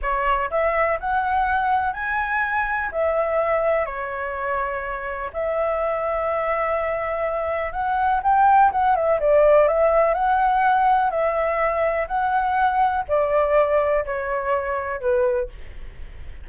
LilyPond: \new Staff \with { instrumentName = "flute" } { \time 4/4 \tempo 4 = 124 cis''4 e''4 fis''2 | gis''2 e''2 | cis''2. e''4~ | e''1 |
fis''4 g''4 fis''8 e''8 d''4 | e''4 fis''2 e''4~ | e''4 fis''2 d''4~ | d''4 cis''2 b'4 | }